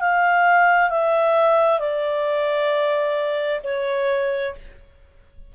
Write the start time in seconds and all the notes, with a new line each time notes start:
0.00 F5
0.89 E5
1.79 D5
3.64 C#5